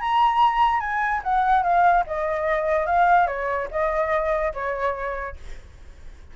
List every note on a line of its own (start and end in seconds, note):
0.00 0.80 A#5
0.80 1.21 G#5
1.23 1.63 F#5
1.63 2.04 F5
2.06 2.86 D#5
2.86 3.27 F5
3.27 3.68 C#5
3.70 4.53 D#5
4.53 5.36 C#5